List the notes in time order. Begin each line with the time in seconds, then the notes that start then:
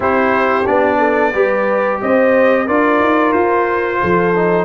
0.00 C4 E4 G4 C5
0.66 B3 D4 D5
0.98 A4
1.33 G3 G4 B4
2.01 C4 C5 D#5
2.66 D4 F4 A#4 D5
3.00 D#4
3.32 F4 C5
4.00 F3 A4
4.36 D#4